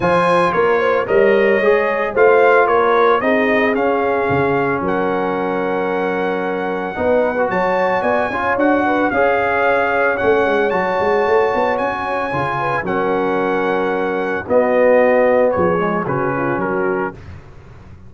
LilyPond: <<
  \new Staff \with { instrumentName = "trumpet" } { \time 4/4 \tempo 4 = 112 gis''4 cis''4 dis''2 | f''4 cis''4 dis''4 f''4~ | f''4 fis''2.~ | fis''2 a''4 gis''4 |
fis''4 f''2 fis''4 | a''2 gis''2 | fis''2. dis''4~ | dis''4 cis''4 b'4 ais'4 | }
  \new Staff \with { instrumentName = "horn" } { \time 4/4 c''4 ais'8 c''8 cis''2 | c''4 ais'4 gis'2~ | gis'4 ais'2.~ | ais'4 b'4 cis''4 d''8 cis''8~ |
cis''8 b'8 cis''2.~ | cis''2.~ cis''8 b'8 | ais'2. fis'4~ | fis'4 gis'4 fis'8 f'8 fis'4 | }
  \new Staff \with { instrumentName = "trombone" } { \time 4/4 f'2 ais'4 gis'4 | f'2 dis'4 cis'4~ | cis'1~ | cis'4 dis'8. fis'4.~ fis'16 f'8 |
fis'4 gis'2 cis'4 | fis'2. f'4 | cis'2. b4~ | b4. gis8 cis'2 | }
  \new Staff \with { instrumentName = "tuba" } { \time 4/4 f4 ais4 g4 gis4 | a4 ais4 c'4 cis'4 | cis4 fis2.~ | fis4 b4 fis4 b8 cis'8 |
d'4 cis'2 a8 gis8 | fis8 gis8 a8 b8 cis'4 cis4 | fis2. b4~ | b4 f4 cis4 fis4 | }
>>